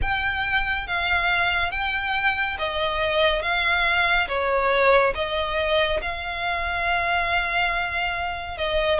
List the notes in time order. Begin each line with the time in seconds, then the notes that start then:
0.01 G5
0.87 F5
1.71 G5
2.58 D#5
3.42 F5
4.27 C#5
5.14 D#5
6.01 F5
8.57 D#5